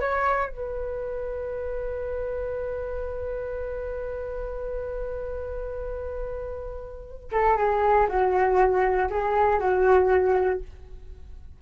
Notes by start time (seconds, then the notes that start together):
0.00 C#5
0.49 B4
7.32 A4
7.57 G#4
8.09 F#4
9.10 G#4
9.59 F#4